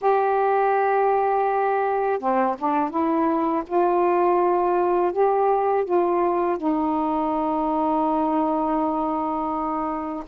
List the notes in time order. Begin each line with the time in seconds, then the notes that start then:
0.01 G4
2.19 C4
2.58 D4
2.90 E4
3.67 F4
5.12 G4
5.84 F4
6.57 D#4